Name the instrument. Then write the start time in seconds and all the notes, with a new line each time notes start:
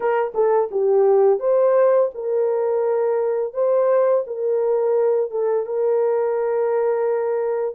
horn
0.00 A#4
0.34 A4
0.71 G4
1.39 C5
2.14 A#4
3.53 C5
4.26 A#4
5.30 A4
5.66 A#4